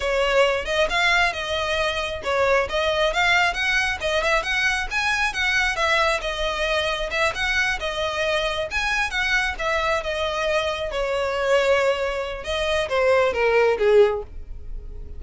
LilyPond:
\new Staff \with { instrumentName = "violin" } { \time 4/4 \tempo 4 = 135 cis''4. dis''8 f''4 dis''4~ | dis''4 cis''4 dis''4 f''4 | fis''4 dis''8 e''8 fis''4 gis''4 | fis''4 e''4 dis''2 |
e''8 fis''4 dis''2 gis''8~ | gis''8 fis''4 e''4 dis''4.~ | dis''8 cis''2.~ cis''8 | dis''4 c''4 ais'4 gis'4 | }